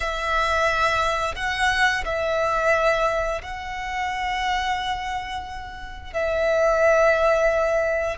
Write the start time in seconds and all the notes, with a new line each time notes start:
0.00 E5
1.35 F#5
2.05 E5
3.42 F#5
6.13 E5